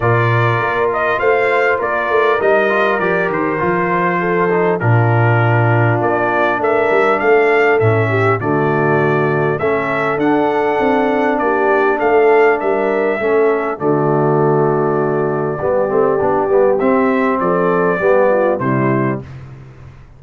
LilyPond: <<
  \new Staff \with { instrumentName = "trumpet" } { \time 4/4 \tempo 4 = 100 d''4. dis''8 f''4 d''4 | dis''4 d''8 c''2~ c''8 | ais'2 d''4 e''4 | f''4 e''4 d''2 |
e''4 fis''2 d''4 | f''4 e''2 d''4~ | d''1 | e''4 d''2 c''4 | }
  \new Staff \with { instrumentName = "horn" } { \time 4/4 ais'2 c''4 ais'4~ | ais'2. a'4 | f'2. ais'4 | a'4. g'8 fis'2 |
a'2. g'4 | a'4 ais'4 a'4 fis'4~ | fis'2 g'2~ | g'4 a'4 g'8 f'8 e'4 | }
  \new Staff \with { instrumentName = "trombone" } { \time 4/4 f'1 | dis'8 f'8 g'4 f'4. dis'8 | d'1~ | d'4 cis'4 a2 |
cis'4 d'2.~ | d'2 cis'4 a4~ | a2 b8 c'8 d'8 b8 | c'2 b4 g4 | }
  \new Staff \with { instrumentName = "tuba" } { \time 4/4 ais,4 ais4 a4 ais8 a8 | g4 f8 dis8 f2 | ais,2 ais4 a8 g8 | a4 a,4 d2 |
a4 d'4 c'4 ais4 | a4 g4 a4 d4~ | d2 g8 a8 b8 g8 | c'4 f4 g4 c4 | }
>>